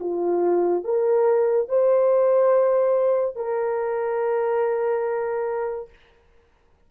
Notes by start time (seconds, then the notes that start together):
0.00 F4
0.85 A#4
1.69 C5
3.36 A#4